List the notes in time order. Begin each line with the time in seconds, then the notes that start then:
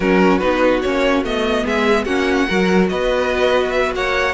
0.00 F#3 C#4 F#4 A#4
0.38 B3 D#4 B4
0.82 A#3 C#4 C#5
1.23 A3 B3 D#5
1.64 G#3 G#4 E5
2.04 A#3 C#4 F#4 F#5
2.48 F#3 F#4 A#4
2.89 B3 B4 D#5
3.71 E5
3.94 A#3 C#5 F#5